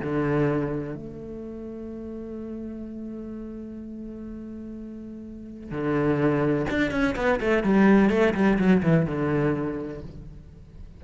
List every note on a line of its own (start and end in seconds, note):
0.00 0.95 D3
0.95 5.71 A3
5.71 6.66 D3
6.70 6.91 D4
6.91 7.15 C#4
7.16 7.40 B3
7.40 7.63 A3
7.63 8.10 G3
8.10 8.34 A3
8.34 8.58 G3
8.58 8.82 F#3
8.82 9.06 E3
9.06 10.01 D3